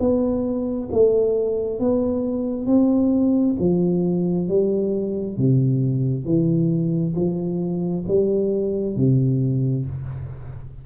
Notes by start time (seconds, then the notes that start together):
0.00 B3
0.92 A3
1.80 B3
2.67 C4
3.60 F3
4.49 G3
5.38 C3
6.25 E3
7.16 F3
8.08 G3
8.96 C3